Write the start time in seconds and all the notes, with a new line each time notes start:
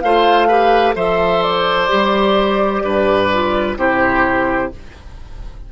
0.00 A3 F4 C5 F5
0.48 G4 B4
0.96 F3 A4 C5 E5
1.43 D5
1.89 G3 G4
2.84 G2 B4
3.33 F4
3.78 C3 E4 G4 C5